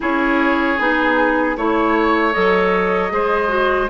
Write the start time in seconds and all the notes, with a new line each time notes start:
0.00 C#4 E4 G#4 C#5
0.78 B3 D#4 G#4
1.56 A3 E4 C#5
2.32 F#3 A4 D#5
3.09 G#3 G#4 C5
3.48 F#4